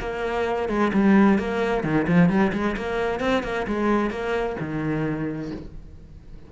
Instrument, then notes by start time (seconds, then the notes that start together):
cello
0.00 A#3
0.69 G#3
0.93 G3
1.38 A#3
1.84 D#3
2.08 F3
2.29 G3
2.53 G#3
2.77 A#3
3.20 C4
3.43 A#3
3.67 G#3
4.10 A#3
4.60 D#3